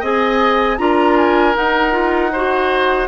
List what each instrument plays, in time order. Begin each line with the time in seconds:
0.00 bassoon C4, clarinet G#4, oboe D#5, flute G#5
0.78 bassoon D4, clarinet F4, oboe A#4, flute A#5
1.17 flute G#5
1.54 clarinet D#4, bassoon D#4, flute F#5
1.91 clarinet F4
2.32 clarinet F#4, oboe C5